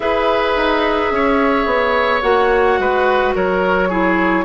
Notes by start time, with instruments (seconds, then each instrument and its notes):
0.00 bassoon E4, clarinet G#4, oboe B4, flute E5
0.56 bassoon D#4
1.11 bassoon C#4, oboe C#5
1.65 bassoon B3
2.22 bassoon A#3, clarinet F#4, flute F#5
2.78 bassoon G#3, oboe B4
3.34 bassoon F#3, oboe A#4, flute C#5
3.88 clarinet E4, oboe G#4